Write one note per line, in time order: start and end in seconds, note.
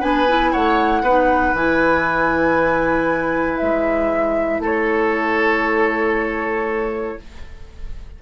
0.00 0.53 B3
0.00 0.26 D4
0.00 0.51 B4
0.00 0.52 G#5
0.28 1.04 E4
0.52 1.01 A3
0.52 1.03 C#5
0.52 1.55 F#5
1.01 1.53 B3
1.01 1.55 D#4
1.01 4.61 B4
1.53 3.59 E3
1.53 7.19 E4
1.53 3.57 G#5
3.57 4.59 G#3
3.57 4.60 E5
4.59 7.15 A3
4.59 7.18 A4
4.65 7.22 C#5